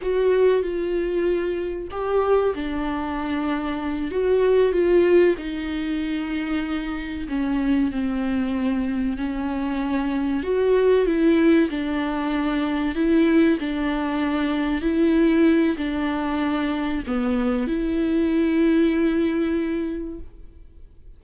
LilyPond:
\new Staff \with { instrumentName = "viola" } { \time 4/4 \tempo 4 = 95 fis'4 f'2 g'4 | d'2~ d'8 fis'4 f'8~ | f'8 dis'2. cis'8~ | cis'8 c'2 cis'4.~ |
cis'8 fis'4 e'4 d'4.~ | d'8 e'4 d'2 e'8~ | e'4 d'2 b4 | e'1 | }